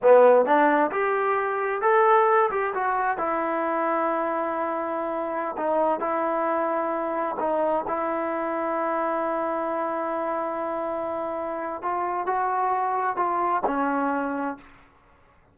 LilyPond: \new Staff \with { instrumentName = "trombone" } { \time 4/4 \tempo 4 = 132 b4 d'4 g'2 | a'4. g'8 fis'4 e'4~ | e'1~ | e'16 dis'4 e'2~ e'8.~ |
e'16 dis'4 e'2~ e'8.~ | e'1~ | e'2 f'4 fis'4~ | fis'4 f'4 cis'2 | }